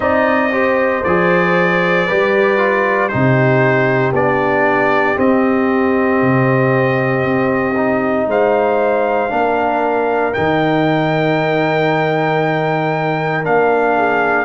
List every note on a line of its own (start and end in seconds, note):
0.00 1.03 C4
0.00 0.50 D#4
0.00 0.52 D5
0.00 1.03 D#5
0.51 1.02 G4
0.51 2.07 C5
1.03 2.07 F3
1.03 2.09 G#4
1.03 3.08 D5
2.07 3.13 G3
2.07 2.57 G4
2.07 3.10 B4
2.57 3.09 F4
3.08 4.12 C3
3.08 4.13 D#4
3.08 8.28 G4
3.08 4.12 C5
4.12 5.16 B3
4.12 5.16 D4
4.12 5.18 D5
5.16 7.74 C4
5.16 6.22 C4
5.16 8.29 D#5
6.22 7.24 C3
7.24 8.27 C4
7.76 9.29 D#4
8.27 9.30 G#3
8.27 9.32 C5
8.27 10.33 F5
9.29 10.34 A#3
9.29 10.32 D4
9.29 13.97 A#4
10.33 13.45 D#3
10.33 13.43 D#4
10.33 13.44 G5
13.43 14.44 A#3
13.43 14.44 D4
13.43 14.44 F5
13.97 14.44 G#4